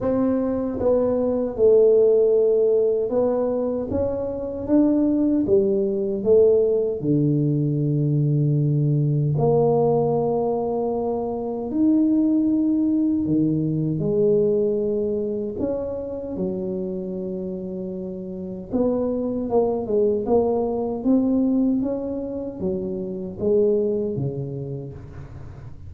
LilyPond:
\new Staff \with { instrumentName = "tuba" } { \time 4/4 \tempo 4 = 77 c'4 b4 a2 | b4 cis'4 d'4 g4 | a4 d2. | ais2. dis'4~ |
dis'4 dis4 gis2 | cis'4 fis2. | b4 ais8 gis8 ais4 c'4 | cis'4 fis4 gis4 cis4 | }